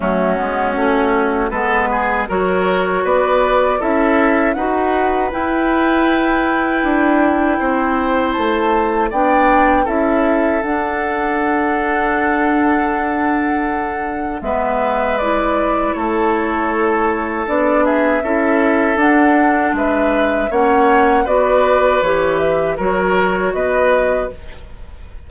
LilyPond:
<<
  \new Staff \with { instrumentName = "flute" } { \time 4/4 \tempo 4 = 79 fis'2 b'4 cis''4 | d''4 e''4 fis''4 g''4~ | g''2. a''4 | g''4 e''4 fis''2~ |
fis''2. e''4 | d''4 cis''2 d''8 e''8~ | e''4 fis''4 e''4 fis''4 | d''4 cis''8 e''8 cis''4 dis''4 | }
  \new Staff \with { instrumentName = "oboe" } { \time 4/4 cis'2 a'8 gis'8 ais'4 | b'4 a'4 b'2~ | b'2 c''2 | d''4 a'2.~ |
a'2. b'4~ | b'4 a'2~ a'8 gis'8 | a'2 b'4 cis''4 | b'2 ais'4 b'4 | }
  \new Staff \with { instrumentName = "clarinet" } { \time 4/4 a8 b8 cis'4 b4 fis'4~ | fis'4 e'4 fis'4 e'4~ | e'1 | d'4 e'4 d'2~ |
d'2. b4 | e'2. d'4 | e'4 d'2 cis'4 | fis'4 g'4 fis'2 | }
  \new Staff \with { instrumentName = "bassoon" } { \time 4/4 fis8 gis8 a4 gis4 fis4 | b4 cis'4 dis'4 e'4~ | e'4 d'4 c'4 a4 | b4 cis'4 d'2~ |
d'2. gis4~ | gis4 a2 b4 | cis'4 d'4 gis4 ais4 | b4 e4 fis4 b4 | }
>>